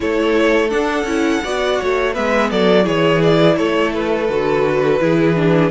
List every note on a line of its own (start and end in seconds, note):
0.00 0.72 A3
0.00 0.69 E4
0.00 1.43 A4
0.00 0.70 C#5
0.69 1.04 D4
0.69 1.03 D4
0.69 2.13 F#5
1.03 1.39 C#4
1.03 1.42 E4
1.43 1.80 B3
1.43 2.13 F#4
1.43 1.79 D5
1.79 2.17 A3
1.79 2.12 C#5
2.12 2.51 G#3
2.12 2.83 B3
2.12 2.48 B4
2.12 2.50 E5
2.51 2.86 F#3
2.51 2.84 A4
2.51 2.86 D5
2.83 3.58 E3
2.83 4.25 E4
2.83 3.55 G#4
2.83 3.22 C#5
3.22 3.56 D5
3.56 4.28 A3
3.56 5.00 A4
3.56 3.92 C#5
3.93 5.71 B4
4.28 5.00 D3
4.28 5.00 F#4
5.00 5.71 E3
5.00 5.35 E4
5.00 5.71 G#4
5.35 5.70 D4